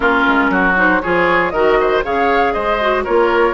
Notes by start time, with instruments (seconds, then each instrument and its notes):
0.00 bassoon A#3, clarinet C#4, oboe F4, flute A#4
0.27 bassoon G#3
0.49 bassoon F#3, oboe F#4
0.75 clarinet D#4, flute C5
1.01 bassoon F3, clarinet F4, oboe G#4, flute C#5
1.50 bassoon D#3, clarinet F#4, oboe A#4, flute D#5
1.80 oboe C5
2.03 bassoon C#3, clarinet G#4, oboe C#5, flute F5
2.53 bassoon G#3, oboe C5, flute D#5
2.80 clarinet F#4
3.03 bassoon A#3, clarinet F4, oboe A#4, flute C#5